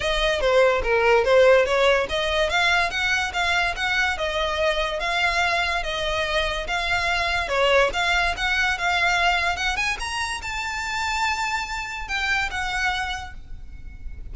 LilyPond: \new Staff \with { instrumentName = "violin" } { \time 4/4 \tempo 4 = 144 dis''4 c''4 ais'4 c''4 | cis''4 dis''4 f''4 fis''4 | f''4 fis''4 dis''2 | f''2 dis''2 |
f''2 cis''4 f''4 | fis''4 f''2 fis''8 gis''8 | ais''4 a''2.~ | a''4 g''4 fis''2 | }